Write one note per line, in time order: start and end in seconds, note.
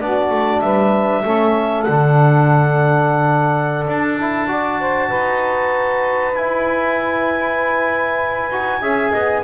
0.00 0.30 B3
0.00 1.24 D4
0.00 0.62 F#4
0.00 0.61 D5
0.30 0.61 A3
0.61 1.24 G3
0.61 1.23 B4
0.61 1.82 E5
1.23 1.87 A3
1.23 1.87 C#4
1.23 4.48 A4
1.82 3.87 D3
1.82 4.19 D4
1.82 3.84 F#5
3.87 5.11 D4
3.87 6.35 A5
4.19 4.48 E4
4.48 6.33 F#4
4.48 4.80 D5
4.80 5.08 C5
5.08 6.35 D#4
5.08 8.80 B4
6.35 8.51 E4
6.35 8.52 E4
6.35 9.44 G#5
8.51 8.82 D#4
8.51 8.82 F#4
8.81 9.13 C#4
8.81 9.44 G#4
8.81 9.11 E5
9.11 9.44 B3
9.11 9.42 D#5